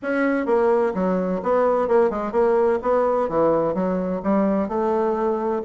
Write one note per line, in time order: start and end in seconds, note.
0.02 0.46 C#4
0.46 0.92 A#3
0.94 1.41 F#3
1.43 1.87 B3
1.87 2.10 A#3
2.10 2.32 G#3
2.32 2.79 A#3
2.81 3.28 B3
3.28 3.74 E3
3.74 4.21 F#3
4.23 4.68 G3
4.68 5.62 A3